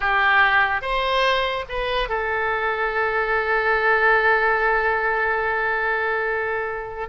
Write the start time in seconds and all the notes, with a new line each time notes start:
0.00 G4
0.81 C5
1.68 B4
2.09 A4